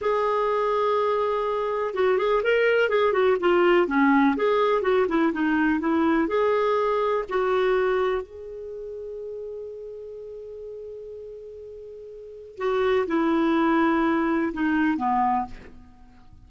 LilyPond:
\new Staff \with { instrumentName = "clarinet" } { \time 4/4 \tempo 4 = 124 gis'1 | fis'8 gis'8 ais'4 gis'8 fis'8 f'4 | cis'4 gis'4 fis'8 e'8 dis'4 | e'4 gis'2 fis'4~ |
fis'4 gis'2.~ | gis'1~ | gis'2 fis'4 e'4~ | e'2 dis'4 b4 | }